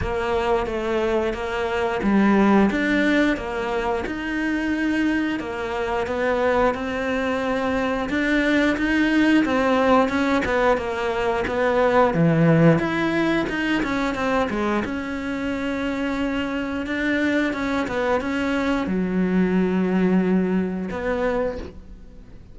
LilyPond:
\new Staff \with { instrumentName = "cello" } { \time 4/4 \tempo 4 = 89 ais4 a4 ais4 g4 | d'4 ais4 dis'2 | ais4 b4 c'2 | d'4 dis'4 c'4 cis'8 b8 |
ais4 b4 e4 e'4 | dis'8 cis'8 c'8 gis8 cis'2~ | cis'4 d'4 cis'8 b8 cis'4 | fis2. b4 | }